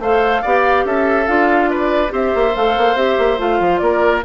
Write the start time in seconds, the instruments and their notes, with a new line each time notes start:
0.00 bassoon A3, clarinet A4, oboe C5, flute F5
0.43 bassoon B3, clarinet G4, oboe D5
0.85 bassoon C#4, oboe A4, flute E5
1.27 bassoon D4, clarinet F4, flute F5
1.70 oboe B4, flute D5
2.09 bassoon C4, clarinet G4, oboe C5, flute E5
2.35 bassoon A#3
2.56 bassoon A3, clarinet A4, flute F5
2.78 bassoon A#3
2.96 bassoon C4, clarinet G4, flute E5
3.19 bassoon A#3
3.38 bassoon A3, clarinet F4, flute F5
3.60 bassoon F3
3.78 bassoon A#3, oboe A#4, flute D5